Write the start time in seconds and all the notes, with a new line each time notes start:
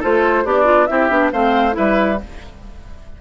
0.00 A3 F4 A4 C5
0.44 B3 D4 G4 D5
0.65 F4
0.86 C4 E4 G4 E5
1.10 B3 D4
1.32 A3 C4 C5 F5
1.72 G3 E4 B4 E5